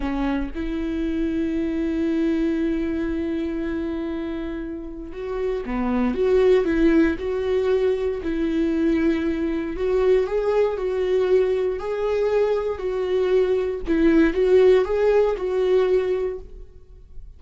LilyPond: \new Staff \with { instrumentName = "viola" } { \time 4/4 \tempo 4 = 117 cis'4 e'2.~ | e'1~ | e'2 fis'4 b4 | fis'4 e'4 fis'2 |
e'2. fis'4 | gis'4 fis'2 gis'4~ | gis'4 fis'2 e'4 | fis'4 gis'4 fis'2 | }